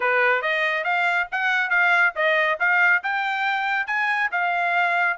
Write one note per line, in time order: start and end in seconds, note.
0.00 0.42 B4
0.42 0.83 D#5
0.83 1.27 F5
1.31 1.70 F#5
1.70 2.13 F5
2.15 2.58 D#5
2.59 3.02 F5
3.03 3.87 G5
3.87 4.30 G#5
4.31 5.17 F5